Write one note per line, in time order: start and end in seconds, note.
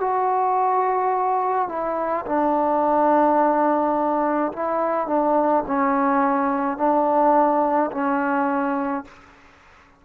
0.00 1.68 F#4
1.68 2.25 E4
2.26 4.52 D4
4.53 5.07 E4
5.07 5.64 D4
5.67 6.78 C#4
6.78 7.91 D4
7.91 9.05 C#4